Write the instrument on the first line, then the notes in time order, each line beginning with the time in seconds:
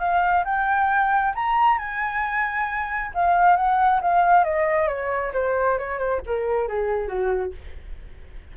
flute
0.00 F5
0.45 G5
1.36 A#5
1.79 G#5
3.15 F5
3.57 F#5
4.02 F5
4.45 D#5
4.88 C#5
5.34 C5
5.79 C#5
5.99 C5
6.27 A#4
6.68 G#4
7.08 F#4